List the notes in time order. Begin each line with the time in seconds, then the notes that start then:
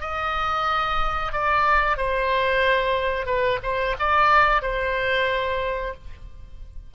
0.00 D#5
1.32 D5
1.97 C5
3.26 B4
3.63 C5
3.99 D5
4.62 C5